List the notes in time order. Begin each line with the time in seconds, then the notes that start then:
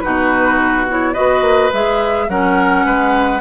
0.00 B2 D#4 F#4 B4
0.88 E4 C#5
1.13 B3 F#4 B4 D#5
1.41 A#3
1.73 G#3 G#4 E5
2.28 F#3 C#4 A#4 F#5
2.85 G#3 B4